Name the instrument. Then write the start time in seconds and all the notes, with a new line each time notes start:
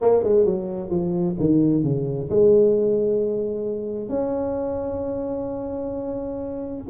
tuba
0.01 A#3
0.23 G#3
0.45 F#3
0.90 F3
1.39 D#3
1.83 C#3
2.29 G#3
4.09 C#4